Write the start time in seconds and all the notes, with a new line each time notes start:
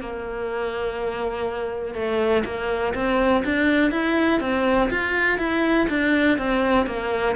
0.00 A#3
1.94 A3
2.45 A#3
2.94 C4
3.44 D4
3.91 E4
4.40 C4
4.90 F4
5.38 E4
5.89 D4
6.38 C4
6.86 A#3